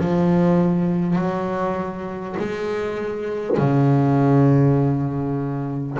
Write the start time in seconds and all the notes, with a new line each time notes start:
0.00 F3
1.16 F#3
2.39 G#3
3.58 C#3